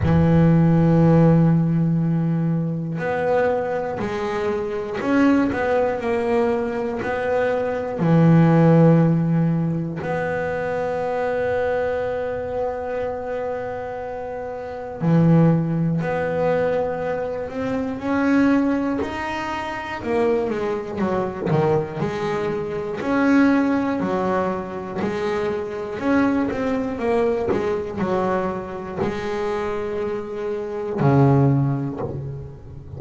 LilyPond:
\new Staff \with { instrumentName = "double bass" } { \time 4/4 \tempo 4 = 60 e2. b4 | gis4 cis'8 b8 ais4 b4 | e2 b2~ | b2. e4 |
b4. c'8 cis'4 dis'4 | ais8 gis8 fis8 dis8 gis4 cis'4 | fis4 gis4 cis'8 c'8 ais8 gis8 | fis4 gis2 cis4 | }